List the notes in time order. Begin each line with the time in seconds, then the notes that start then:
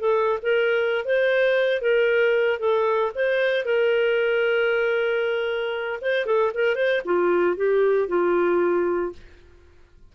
0.00 A4
0.42 A#4
1.05 C5
1.82 A#4
2.60 A4
3.15 C5
3.65 A#4
6.02 C5
6.26 A4
6.55 A#4
6.76 C5
7.05 F4
7.57 G4
8.08 F4